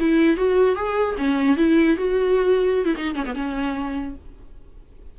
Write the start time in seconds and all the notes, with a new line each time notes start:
0.00 E4
0.37 F#4
0.76 G#4
1.18 C#4
1.57 E4
1.97 F#4
2.86 E4
2.97 D#4
3.16 C#4
3.26 B3
3.35 C#4